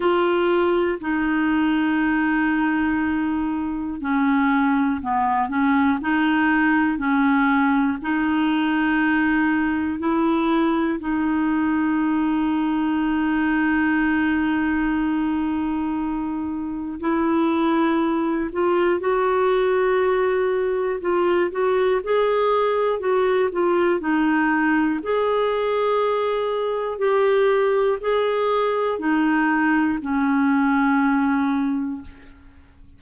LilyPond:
\new Staff \with { instrumentName = "clarinet" } { \time 4/4 \tempo 4 = 60 f'4 dis'2. | cis'4 b8 cis'8 dis'4 cis'4 | dis'2 e'4 dis'4~ | dis'1~ |
dis'4 e'4. f'8 fis'4~ | fis'4 f'8 fis'8 gis'4 fis'8 f'8 | dis'4 gis'2 g'4 | gis'4 dis'4 cis'2 | }